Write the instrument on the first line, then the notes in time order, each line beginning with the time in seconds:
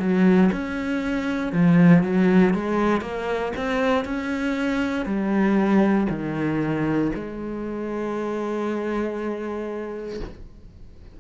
cello
0.00 F#3
0.52 C#4
1.53 F3
2.03 F#3
2.54 G#3
3.02 A#3
3.56 C4
4.05 C#4
5.06 G3
6.10 D#3
7.15 G#3